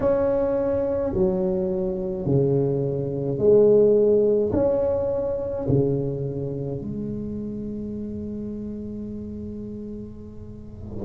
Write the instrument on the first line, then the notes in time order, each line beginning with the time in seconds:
tuba
0.00 C#4
1.13 F#3
2.25 C#3
3.38 G#3
4.53 C#4
5.68 C#3
6.81 G#3